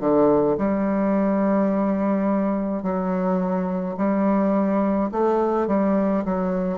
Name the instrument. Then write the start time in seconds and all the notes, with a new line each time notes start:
bassoon
0.00 D3
0.58 G3
2.83 F#3
3.97 G3
5.11 A3
5.67 G3
6.25 F#3